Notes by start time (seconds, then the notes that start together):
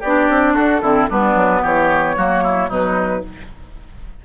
0.00 B3 G4 D5
0.07 D4
0.30 C4
0.55 D4 F#4 A4
0.82 D3 C4 E4
1.10 G3 B3 D4 B4
1.35 F#3
1.62 E3 G4 C#5
2.17 F#3 A#3 F#4
2.44 E4
2.69 B2 F#3 D#4 B4